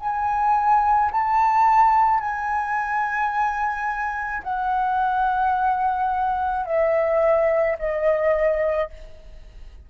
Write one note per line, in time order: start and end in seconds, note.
0.00 1.11 G#5
1.12 2.20 A5
2.20 4.42 G#5
4.43 6.66 F#5
6.66 7.77 E5
7.79 8.90 D#5